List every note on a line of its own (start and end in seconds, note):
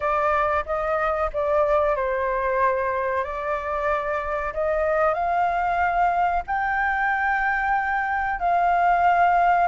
0.00 0.64 D5
0.65 1.30 D#5
1.33 1.95 D5
1.95 3.24 C5
3.24 4.53 D5
4.53 5.13 D#5
5.13 6.43 F5
6.46 8.39 G5
8.39 9.67 F5